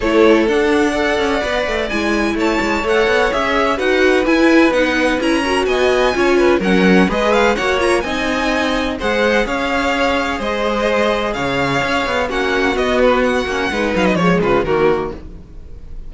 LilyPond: <<
  \new Staff \with { instrumentName = "violin" } { \time 4/4 \tempo 4 = 127 cis''4 fis''2. | gis''4 a''4 fis''4 e''4 | fis''4 gis''4 fis''4 ais''4 | gis''2 fis''4 dis''8 f''8 |
fis''8 ais''8 gis''2 fis''4 | f''2 dis''2 | f''2 fis''4 dis''8 b'8 | fis''4. f''16 dis''16 cis''8 b'8 ais'4 | }
  \new Staff \with { instrumentName = "violin" } { \time 4/4 a'2 d''2~ | d''4 cis''2. | b'2.~ b'8 ais'8 | dis''4 cis''8 b'8 ais'4 b'4 |
cis''4 dis''2 c''4 | cis''2 c''2 | cis''2 fis'2~ | fis'4 b'4 cis''8 f'8 fis'4 | }
  \new Staff \with { instrumentName = "viola" } { \time 4/4 e'4 d'4 a'4 b'4 | e'2 a'4 gis'4 | fis'4 e'4 dis'4 e'8 fis'8~ | fis'4 f'4 cis'4 gis'4 |
fis'8 f'8 dis'2 gis'4~ | gis'1~ | gis'2 cis'4 b4~ | b8 cis'8 dis'4 gis4 ais4 | }
  \new Staff \with { instrumentName = "cello" } { \time 4/4 a4 d'4. cis'8 b8 a8 | gis4 a8 gis8 a8 b8 cis'4 | dis'4 e'4 b4 cis'4 | b4 cis'4 fis4 gis4 |
ais4 c'2 gis4 | cis'2 gis2 | cis4 cis'8 b8 ais4 b4~ | b8 ais8 gis8 fis8 f8 cis8 dis4 | }
>>